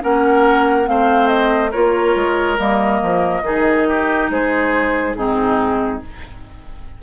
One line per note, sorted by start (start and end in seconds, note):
0.00 0.88 A#3
0.00 0.84 C#4
0.00 0.89 A#4
0.00 0.88 F#5
0.84 1.74 A3
0.84 1.70 C4
0.84 1.71 C5
0.84 1.28 F5
1.28 1.71 D#5
1.71 2.15 A#3
1.71 2.57 F4
1.71 3.42 A#4
1.71 2.57 C#5
2.15 2.58 G#3
2.57 3.02 G3
2.57 3.43 A#3
2.57 4.30 D#5
3.02 3.42 F3
3.42 4.28 D#3
3.42 5.15 D#4
3.42 3.88 G#4
3.88 4.31 G4
4.30 5.15 G#3
4.30 5.17 G#4
4.30 5.14 C5
5.14 6.00 G#2
5.14 6.02 C4
5.14 6.02 D#4
5.14 6.00 G#4